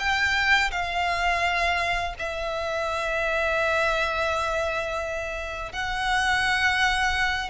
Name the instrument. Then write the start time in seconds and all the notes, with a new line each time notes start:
violin
0.00 G5
0.72 F5
2.19 E5
5.73 F#5